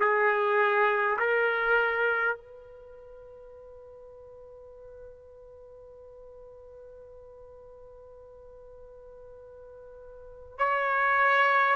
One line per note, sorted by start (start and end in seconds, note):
0.00 1.18 G#4
1.19 2.36 A#4
2.36 10.58 B4
10.58 11.75 C#5